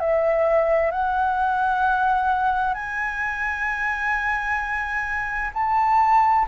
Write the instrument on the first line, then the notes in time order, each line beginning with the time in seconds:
flute
0.00 E5
0.91 F#5
2.74 G#5
5.54 A5